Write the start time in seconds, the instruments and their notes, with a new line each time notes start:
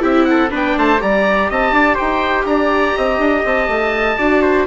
0.00 bassoon C4, viola E4, trumpet G4, oboe E5
0.24 trumpet A4, oboe F#5
0.50 bassoon B3, viola D4, trumpet B4, oboe G5
0.76 bassoon A3, trumpet C5, oboe A5
0.99 bassoon G3, viola G4, trumpet D5, oboe A#5
1.50 bassoon C4, trumpet D#5, oboe A5
1.72 bassoon D4, trumpet D5
1.95 bassoon D#4, trumpet C5, oboe G5
2.45 bassoon D4, trumpet D5, oboe A#5
2.97 bassoon C4, trumpet D#5
3.18 bassoon D4
3.45 bassoon C4, oboe A5
3.68 bassoon A3
4.18 bassoon D4, viola F#4, trumpet D5
4.42 trumpet C5